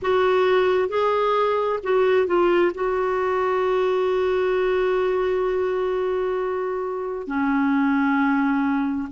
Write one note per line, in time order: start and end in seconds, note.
0.02 0.88 F#4
0.88 1.79 G#4
1.83 2.26 F#4
2.26 2.72 F4
2.74 7.27 F#4
7.27 9.09 C#4